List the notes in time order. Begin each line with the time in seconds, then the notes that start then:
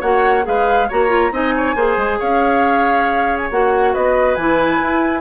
0.00 A#3 F#4 C#5 F#5
0.42 G#3 G#4 B4 F5
0.88 A#3 F#4 C#5 A#5
1.08 F4
1.31 C4 D#4 D#5 G#5
1.56 C#5
1.75 A#3 G#4 C5
1.96 G#3
2.19 C#4 C#5 F5
3.37 G#5
3.51 A#3 F#4 F#5
3.93 B3 B4 D#5
4.35 E3 E4 G#5
4.82 E4